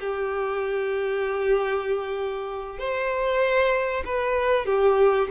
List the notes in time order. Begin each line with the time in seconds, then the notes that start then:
0.00 G4
2.79 C5
4.05 B4
4.66 G4